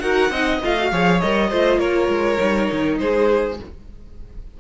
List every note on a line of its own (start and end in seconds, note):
0.00 0.30 D#4
0.00 0.31 F#4
0.00 0.31 A#4
0.00 0.59 F#5
0.30 0.60 C4
0.30 0.62 D#4
0.30 0.91 D#5
0.63 0.92 A3
0.63 0.78 F4
0.63 1.21 F5
0.79 0.93 F#4
0.92 1.22 F3
0.92 1.23 G#4
0.92 1.50 C#5
1.21 1.51 G3
1.21 1.51 A#4
1.21 1.79 D#5
1.50 1.78 A3
1.50 2.37 F4
1.50 1.79 C5
1.78 2.08 A#3
1.78 2.98 A#4
1.78 2.98 C#5
2.09 2.38 G#3
2.37 2.70 G3
2.37 3.56 D#4
2.72 3.00 D#3
2.99 3.60 G#3
2.99 3.60 G#4
2.99 3.58 C5